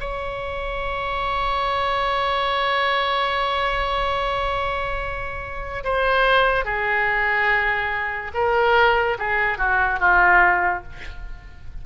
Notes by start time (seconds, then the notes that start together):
0.00 C#5
5.84 C5
6.65 G#4
8.34 A#4
9.18 G#4
9.58 F#4
10.00 F4